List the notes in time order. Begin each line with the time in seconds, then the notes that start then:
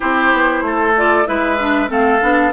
0.00 C4 E4 G4 C5
0.33 B3
0.61 A3 A4
0.96 F4 D5
1.26 G#3 E4 B4 E5
1.59 D4
1.88 A3 C4 A4 F5
2.21 B3 D4